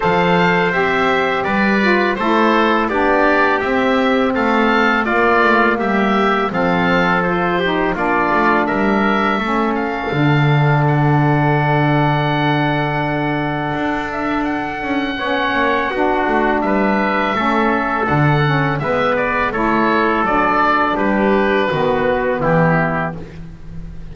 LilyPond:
<<
  \new Staff \with { instrumentName = "oboe" } { \time 4/4 \tempo 4 = 83 f''4 e''4 d''4 c''4 | d''4 e''4 f''4 d''4 | e''4 f''4 c''4 d''4 | e''4. f''4. fis''4~ |
fis''2.~ fis''8 e''8 | fis''2. e''4~ | e''4 fis''4 e''8 d''8 cis''4 | d''4 b'2 g'4 | }
  \new Staff \with { instrumentName = "trumpet" } { \time 4/4 c''2 b'4 a'4 | g'2 a'4 f'4 | g'4 a'4. g'8 f'4 | ais'4 a'2.~ |
a'1~ | a'4 cis''4 fis'4 b'4 | a'2 b'4 a'4~ | a'4 g'4 fis'4 e'4 | }
  \new Staff \with { instrumentName = "saxophone" } { \time 4/4 a'4 g'4. f'8 e'4 | d'4 c'2 ais4~ | ais4 c'4 f'8 dis'8 d'4~ | d'4 cis'4 d'2~ |
d'1~ | d'4 cis'4 d'2 | cis'4 d'8 cis'8 b4 e'4 | d'2 b2 | }
  \new Staff \with { instrumentName = "double bass" } { \time 4/4 f4 c'4 g4 a4 | b4 c'4 a4 ais8 a8 | g4 f2 ais8 a8 | g4 a4 d2~ |
d2. d'4~ | d'8 cis'8 b8 ais8 b8 a8 g4 | a4 d4 gis4 a4 | fis4 g4 dis4 e4 | }
>>